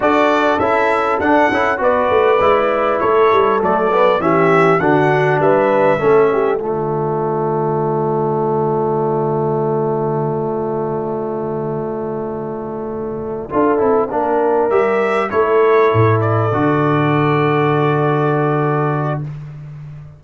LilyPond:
<<
  \new Staff \with { instrumentName = "trumpet" } { \time 4/4 \tempo 4 = 100 d''4 e''4 fis''4 d''4~ | d''4 cis''4 d''4 e''4 | fis''4 e''2 d''4~ | d''1~ |
d''1~ | d''1~ | d''8 e''4 cis''4. d''4~ | d''1 | }
  \new Staff \with { instrumentName = "horn" } { \time 4/4 a'2. b'4~ | b'4 a'2 g'4 | fis'4 b'4 a'8 g'8 f'4~ | f'1~ |
f'1~ | f'2~ f'8 a'4 ais'8~ | ais'4. a'2~ a'8~ | a'1 | }
  \new Staff \with { instrumentName = "trombone" } { \time 4/4 fis'4 e'4 d'8 e'8 fis'4 | e'2 a8 b8 cis'4 | d'2 cis'4 a4~ | a1~ |
a1~ | a2~ a8 f'8 e'8 d'8~ | d'8 g'4 e'2 fis'8~ | fis'1 | }
  \new Staff \with { instrumentName = "tuba" } { \time 4/4 d'4 cis'4 d'8 cis'8 b8 a8 | gis4 a8 g8 fis4 e4 | d4 g4 a4 d4~ | d1~ |
d1~ | d2~ d8 d'8 c'8 ais8~ | ais8 g4 a4 a,4 d8~ | d1 | }
>>